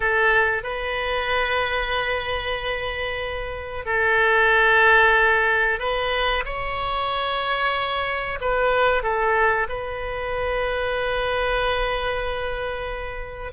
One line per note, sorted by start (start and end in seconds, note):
0.00 0.63 A4
0.63 3.85 B4
3.85 5.79 A4
5.79 6.43 B4
6.45 8.38 C#5
8.40 9.02 B4
9.02 9.67 A4
9.68 13.52 B4